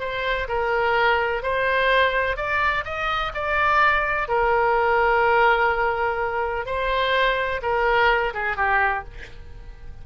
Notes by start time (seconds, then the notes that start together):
0.00 C5
0.48 A#4
1.42 C5
2.37 D5
2.85 D#5
3.34 D5
4.28 A#4
6.66 C5
7.62 A#4
8.34 G#4
8.57 G4